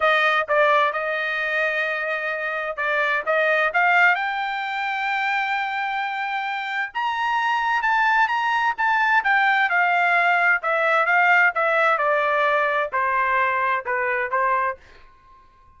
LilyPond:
\new Staff \with { instrumentName = "trumpet" } { \time 4/4 \tempo 4 = 130 dis''4 d''4 dis''2~ | dis''2 d''4 dis''4 | f''4 g''2.~ | g''2. ais''4~ |
ais''4 a''4 ais''4 a''4 | g''4 f''2 e''4 | f''4 e''4 d''2 | c''2 b'4 c''4 | }